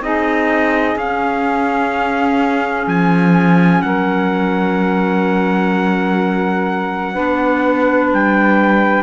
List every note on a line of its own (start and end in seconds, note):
0.00 0.95 C4
0.00 0.97 D#4
0.00 3.83 G#4
0.00 0.98 D#5
0.96 2.86 C#4
0.96 7.15 C#4
0.96 2.88 F5
2.87 3.82 F3
2.87 3.82 G#5
3.82 7.17 F#3
3.82 7.13 A#4
3.82 8.10 F#5
7.13 8.12 B3
7.13 9.03 D4
7.13 9.03 B4
8.12 9.03 G3
8.12 9.03 G5